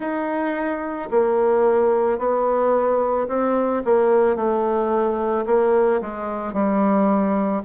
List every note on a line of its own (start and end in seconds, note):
0.00 1.09 D#4
1.10 2.18 A#3
2.18 3.27 B3
3.28 3.82 C4
3.85 4.36 A#3
4.36 5.45 A3
5.45 6.00 A#3
6.01 6.53 G#3
6.53 7.62 G3